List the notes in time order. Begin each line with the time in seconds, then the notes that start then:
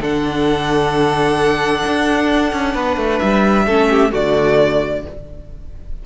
0.00 D3 D4 A4 F#5
1.86 D4
2.53 C#4
2.74 B3 B4
2.97 A3
3.19 G3 E5
3.67 A3 C#4 A4
3.91 G4
4.11 D3 A3 F#4 D5